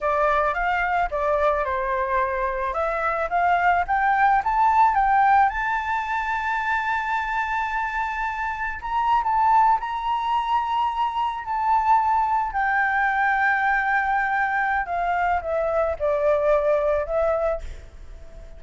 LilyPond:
\new Staff \with { instrumentName = "flute" } { \time 4/4 \tempo 4 = 109 d''4 f''4 d''4 c''4~ | c''4 e''4 f''4 g''4 | a''4 g''4 a''2~ | a''1 |
ais''8. a''4 ais''2~ ais''16~ | ais''8. a''2 g''4~ g''16~ | g''2. f''4 | e''4 d''2 e''4 | }